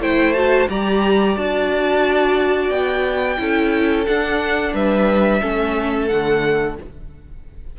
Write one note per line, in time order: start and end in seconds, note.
0.00 0.67 A3
0.00 0.34 E4
0.00 0.69 C5
0.00 0.33 G5
0.33 0.68 F#4
0.33 0.67 A5
0.69 1.36 G3
0.69 1.36 G4
0.69 3.39 D5
0.69 1.37 A#5
1.36 2.70 D4
1.36 3.37 F#4
1.36 2.70 A5
2.70 3.37 B3
2.70 4.04 G5
3.37 4.06 C#4
3.37 4.05 E4
3.37 4.74 A4
4.06 4.73 D4
4.06 5.41 D4
4.06 4.74 F#5
4.73 5.41 G3
4.73 5.41 B4
4.73 6.08 E5
5.41 6.10 A3
5.41 6.08 C#4
5.41 6.76 A4
6.08 6.78 D3
6.08 6.79 A3
6.08 6.75 F#5